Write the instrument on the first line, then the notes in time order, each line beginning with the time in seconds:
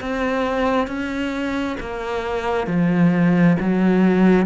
cello
0.00 C4
0.87 C#4
1.80 A#3
2.67 F3
3.59 F#3